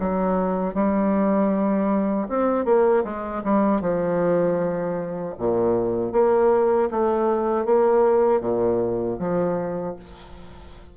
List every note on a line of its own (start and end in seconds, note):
0.00 0.74 F#3
0.74 2.28 G3
2.29 2.65 C4
2.65 3.04 A#3
3.05 3.43 G#3
3.44 3.81 G3
3.81 5.35 F3
5.38 6.13 A#2
6.13 6.90 A#3
6.91 7.66 A3
7.66 8.41 A#3
8.41 9.18 A#2
9.19 9.96 F3